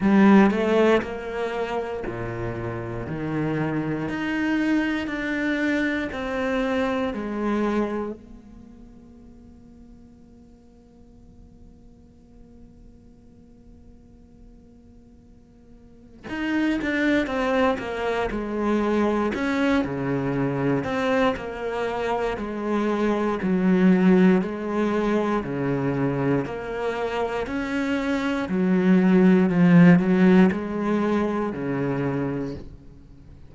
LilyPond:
\new Staff \with { instrumentName = "cello" } { \time 4/4 \tempo 4 = 59 g8 a8 ais4 ais,4 dis4 | dis'4 d'4 c'4 gis4 | ais1~ | ais1 |
dis'8 d'8 c'8 ais8 gis4 cis'8 cis8~ | cis8 c'8 ais4 gis4 fis4 | gis4 cis4 ais4 cis'4 | fis4 f8 fis8 gis4 cis4 | }